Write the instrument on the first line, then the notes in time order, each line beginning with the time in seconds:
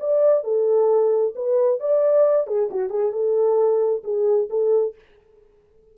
horn
0.00 D5
0.44 A4
1.36 B4
1.80 D5
2.47 G#4
2.71 F#4
2.90 G#4
3.13 A4
4.04 G#4
4.50 A4